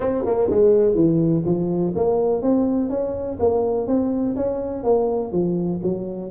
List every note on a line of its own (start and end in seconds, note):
0.00 0.24 C4
0.25 0.49 A#3
0.49 0.94 G#3
0.94 1.43 E3
1.45 1.93 F3
1.95 2.41 A#3
2.41 2.89 C4
2.89 3.38 C#4
3.39 3.87 A#3
3.87 4.35 C4
4.36 4.83 C#4
4.83 5.32 A#3
5.32 5.80 F3
5.82 6.30 F#3